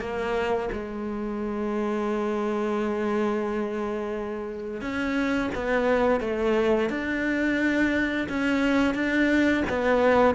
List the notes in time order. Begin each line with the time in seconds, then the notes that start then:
0.00 A#3
0.72 G#3
4.81 C#4
5.55 B3
6.20 A3
6.89 D4
8.29 C#4
8.94 D4
9.69 B3